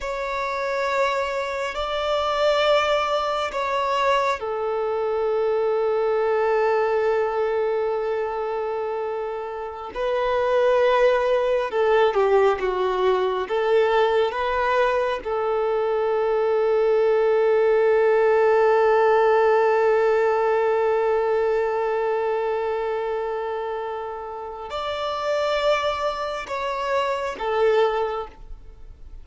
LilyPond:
\new Staff \with { instrumentName = "violin" } { \time 4/4 \tempo 4 = 68 cis''2 d''2 | cis''4 a'2.~ | a'2.~ a'16 b'8.~ | b'4~ b'16 a'8 g'8 fis'4 a'8.~ |
a'16 b'4 a'2~ a'8.~ | a'1~ | a'1 | d''2 cis''4 a'4 | }